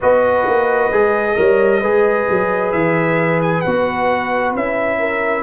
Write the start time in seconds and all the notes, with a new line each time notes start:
0.00 B3 F#4 B4 D#5
0.46 A#3
0.91 G#3 G#4
1.35 G3 A#4 C#5
1.80 G#3 G#4 B4
2.30 F#3
2.72 E3 E5
3.41 G#5
3.61 B3 F#4 F#5
4.55 C#4 E4 E5
4.98 A#4